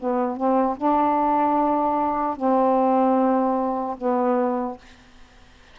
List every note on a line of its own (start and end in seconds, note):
0.00 0.37 B3
0.37 0.77 C4
0.77 2.37 D4
2.37 3.97 C4
3.98 4.78 B3